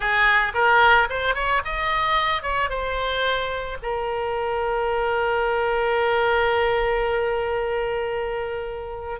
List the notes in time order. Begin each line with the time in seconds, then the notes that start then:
0.00 G#4
0.54 A#4
1.09 C5
1.35 C#5
1.64 D#5
2.42 C#5
2.69 C5
3.82 A#4